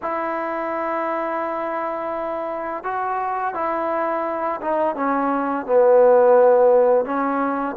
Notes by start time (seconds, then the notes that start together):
0.02 E4
2.83 F#4
3.54 E4
4.61 D#4
4.95 C#4
5.65 B3
7.05 C#4